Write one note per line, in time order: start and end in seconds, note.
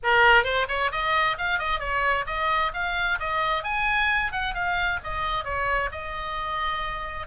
0.03 0.43 A#4
0.43 0.66 C5
0.68 0.91 C#5
0.91 1.37 D#5
1.38 1.58 F5
1.58 1.79 D#5
1.79 2.25 C#5
2.26 2.71 D#5
2.73 3.19 F5
3.19 3.63 D#5
3.63 4.32 G#5
4.32 4.54 F#5
4.54 4.99 F5
5.03 5.44 D#5
5.44 5.90 C#5
5.91 7.26 D#5